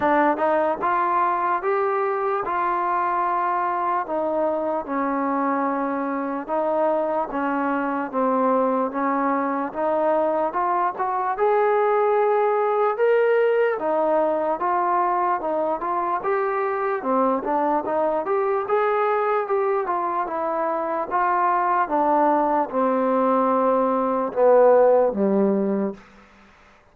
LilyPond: \new Staff \with { instrumentName = "trombone" } { \time 4/4 \tempo 4 = 74 d'8 dis'8 f'4 g'4 f'4~ | f'4 dis'4 cis'2 | dis'4 cis'4 c'4 cis'4 | dis'4 f'8 fis'8 gis'2 |
ais'4 dis'4 f'4 dis'8 f'8 | g'4 c'8 d'8 dis'8 g'8 gis'4 | g'8 f'8 e'4 f'4 d'4 | c'2 b4 g4 | }